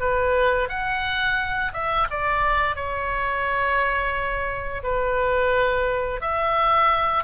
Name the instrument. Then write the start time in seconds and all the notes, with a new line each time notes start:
oboe
0.00 B4
0.69 F#5
1.73 E5
2.11 D5
2.76 C#5
4.83 B4
6.21 E5